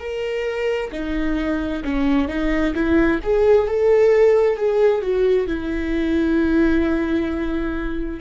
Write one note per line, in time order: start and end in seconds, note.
0.00 0.91 A#4
0.92 1.83 D#4
1.85 2.29 C#4
2.29 2.74 D#4
2.75 3.20 E4
3.23 3.68 G#4
3.68 4.57 A4
4.57 5.02 G#4
5.02 5.48 F#4
5.48 8.20 E4